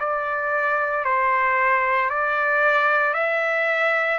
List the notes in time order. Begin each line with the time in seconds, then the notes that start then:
0.00 D5
1.05 C5
2.10 D5
3.14 E5